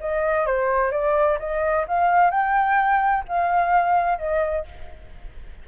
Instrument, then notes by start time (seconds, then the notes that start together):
flute
0.00 D#5
0.46 C5
0.91 D5
1.39 D#5
1.88 F5
2.30 G5
3.28 F5
4.18 D#5